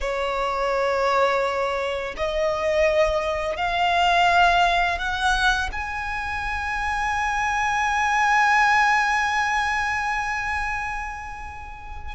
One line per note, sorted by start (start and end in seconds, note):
0.00 2.15 C#5
2.16 3.56 D#5
3.56 4.98 F5
4.98 5.69 F#5
5.72 12.14 G#5